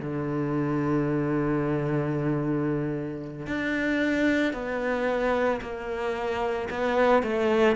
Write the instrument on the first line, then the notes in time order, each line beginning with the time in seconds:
cello
0.00 D3
3.47 D4
4.53 B3
5.62 A#3
6.70 B3
7.23 A3